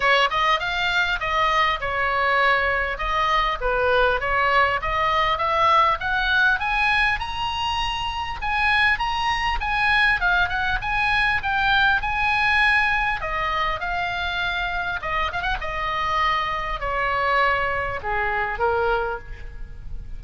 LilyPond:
\new Staff \with { instrumentName = "oboe" } { \time 4/4 \tempo 4 = 100 cis''8 dis''8 f''4 dis''4 cis''4~ | cis''4 dis''4 b'4 cis''4 | dis''4 e''4 fis''4 gis''4 | ais''2 gis''4 ais''4 |
gis''4 f''8 fis''8 gis''4 g''4 | gis''2 dis''4 f''4~ | f''4 dis''8 f''16 fis''16 dis''2 | cis''2 gis'4 ais'4 | }